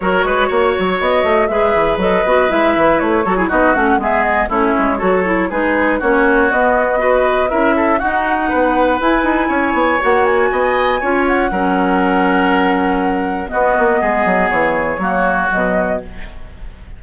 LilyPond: <<
  \new Staff \with { instrumentName = "flute" } { \time 4/4 \tempo 4 = 120 cis''2 dis''4 e''4 | dis''4 e''4 cis''4 dis''8 fis''8 | e''8 dis''8 cis''2 b'4 | cis''4 dis''2 e''4 |
fis''2 gis''2 | fis''8 gis''2 fis''4.~ | fis''2. dis''4~ | dis''4 cis''2 dis''4 | }
  \new Staff \with { instrumentName = "oboe" } { \time 4/4 ais'8 b'8 cis''2 b'4~ | b'2~ b'8 a'16 gis'16 fis'4 | gis'4 e'4 a'4 gis'4 | fis'2 b'4 ais'8 a'8 |
fis'4 b'2 cis''4~ | cis''4 dis''4 cis''4 ais'4~ | ais'2. fis'4 | gis'2 fis'2 | }
  \new Staff \with { instrumentName = "clarinet" } { \time 4/4 fis'2. gis'4 | a'8 fis'8 e'4. fis'16 e'16 dis'8 cis'8 | b4 cis'4 fis'8 e'8 dis'4 | cis'4 b4 fis'4 e'4 |
dis'2 e'2 | fis'2 f'4 cis'4~ | cis'2. b4~ | b2 ais4 fis4 | }
  \new Staff \with { instrumentName = "bassoon" } { \time 4/4 fis8 gis8 ais8 fis8 b8 a8 gis8 e8 | fis8 b8 gis8 e8 a8 fis8 b8 a8 | gis4 a8 gis8 fis4 gis4 | ais4 b2 cis'4 |
dis'4 b4 e'8 dis'8 cis'8 b8 | ais4 b4 cis'4 fis4~ | fis2. b8 ais8 | gis8 fis8 e4 fis4 b,4 | }
>>